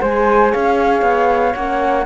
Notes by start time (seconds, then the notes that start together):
0.00 G#3 G#4 C5 G#5
0.52 C#4 C#5 F5
1.02 B3
1.54 A#3 C#4 F#5